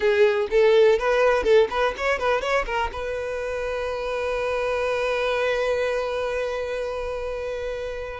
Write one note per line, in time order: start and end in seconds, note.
0.00 0.47 G#4
0.50 0.98 A4
0.98 1.43 B4
1.43 1.67 A4
1.70 1.94 B4
1.97 2.19 C#5
2.19 2.41 B4
2.41 2.65 C#5
2.66 2.90 A#4
2.92 8.20 B4